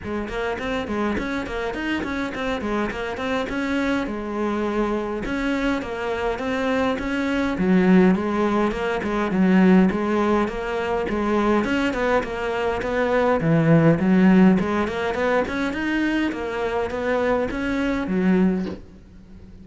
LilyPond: \new Staff \with { instrumentName = "cello" } { \time 4/4 \tempo 4 = 103 gis8 ais8 c'8 gis8 cis'8 ais8 dis'8 cis'8 | c'8 gis8 ais8 c'8 cis'4 gis4~ | gis4 cis'4 ais4 c'4 | cis'4 fis4 gis4 ais8 gis8 |
fis4 gis4 ais4 gis4 | cis'8 b8 ais4 b4 e4 | fis4 gis8 ais8 b8 cis'8 dis'4 | ais4 b4 cis'4 fis4 | }